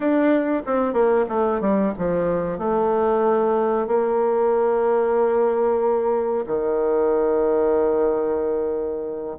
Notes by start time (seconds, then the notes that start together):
0.00 D4
0.66 C4
0.93 A#3
1.28 A3
1.60 G3
1.98 F3
2.58 A3
3.87 A#3
6.46 D#3